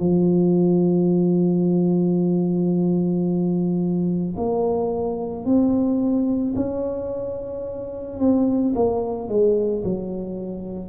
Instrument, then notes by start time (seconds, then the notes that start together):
tuba
0.00 F3
4.37 A#3
5.45 C4
6.56 C#4
8.20 C4
8.76 A#3
9.29 G#3
9.84 F#3